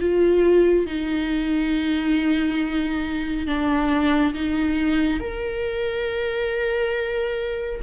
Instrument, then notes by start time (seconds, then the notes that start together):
viola
0.00 F4
0.87 D#4
3.47 D4
4.34 D#4
5.20 A#4